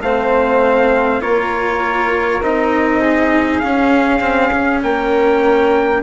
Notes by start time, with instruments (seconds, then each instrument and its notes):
0.00 bassoon A3, cello C4, flute C5, trumpet F5
1.20 bassoon A#3, cello F4, flute A#4, trumpet C#5
2.41 bassoon C4, cello D#4, trumpet D#5
3.01 flute G#4
3.59 bassoon C#4, cello C#4, trumpet F5
4.20 cello C4
4.52 cello C#4
4.82 bassoon A#3, flute A#4, trumpet G5